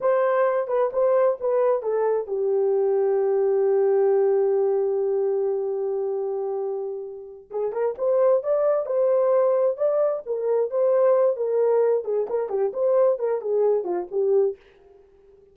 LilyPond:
\new Staff \with { instrumentName = "horn" } { \time 4/4 \tempo 4 = 132 c''4. b'8 c''4 b'4 | a'4 g'2.~ | g'1~ | g'1~ |
g'8 gis'8 ais'8 c''4 d''4 c''8~ | c''4. d''4 ais'4 c''8~ | c''4 ais'4. gis'8 ais'8 g'8 | c''4 ais'8 gis'4 f'8 g'4 | }